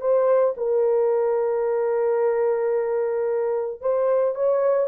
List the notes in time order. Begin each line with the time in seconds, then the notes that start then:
0.00 C5
0.57 A#4
3.81 C5
4.34 C#5